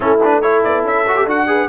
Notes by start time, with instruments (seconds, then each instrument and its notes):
0.00 tuba A3, trombone C#4, horn E4, trumpet A4
0.23 trombone D4, trumpet B4
0.41 trombone E4, horn A4, trumpet C#5
0.63 tuba B3, trumpet D5
0.83 tuba C#4, trumpet E5
1.07 trombone F#4
1.16 trombone G4
1.24 tuba D4, trombone F#4, trumpet F#5
1.47 trombone G#4, horn B4